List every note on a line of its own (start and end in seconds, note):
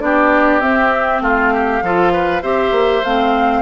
0.00 0.61 B3
0.00 0.61 D4
0.00 1.22 G4
0.00 0.60 D5
0.60 1.82 C4
0.60 1.21 C4
0.60 1.21 E5
1.21 1.81 A3
1.21 1.53 F4
1.21 2.43 F5
1.53 1.83 G4
1.82 2.43 F3
1.82 2.42 F4
1.82 2.12 A4
2.12 2.42 B4
2.42 2.71 C4
2.42 3.03 G4
2.42 3.61 C5
2.42 3.04 E5
2.71 3.02 A#3
3.04 3.61 A3
3.04 3.61 C4
3.04 3.61 F5